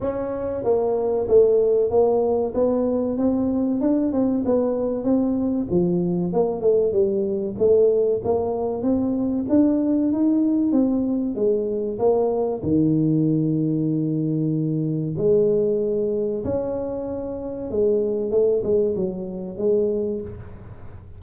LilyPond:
\new Staff \with { instrumentName = "tuba" } { \time 4/4 \tempo 4 = 95 cis'4 ais4 a4 ais4 | b4 c'4 d'8 c'8 b4 | c'4 f4 ais8 a8 g4 | a4 ais4 c'4 d'4 |
dis'4 c'4 gis4 ais4 | dis1 | gis2 cis'2 | gis4 a8 gis8 fis4 gis4 | }